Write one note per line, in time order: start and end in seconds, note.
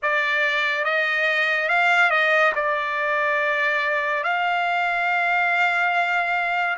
0.02 0.84 D5
0.84 1.68 D#5
1.69 2.10 F5
2.10 2.52 D#5
2.55 4.23 D5
4.23 6.76 F5